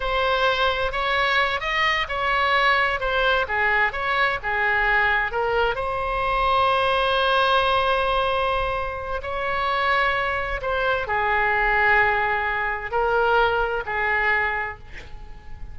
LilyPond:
\new Staff \with { instrumentName = "oboe" } { \time 4/4 \tempo 4 = 130 c''2 cis''4. dis''8~ | dis''8 cis''2 c''4 gis'8~ | gis'8 cis''4 gis'2 ais'8~ | ais'8 c''2.~ c''8~ |
c''1 | cis''2. c''4 | gis'1 | ais'2 gis'2 | }